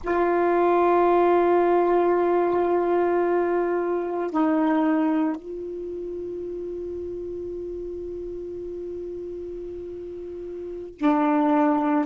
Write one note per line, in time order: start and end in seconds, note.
0.03 4.31 F4
4.31 5.36 D#4
5.36 10.98 F4
10.98 12.05 D4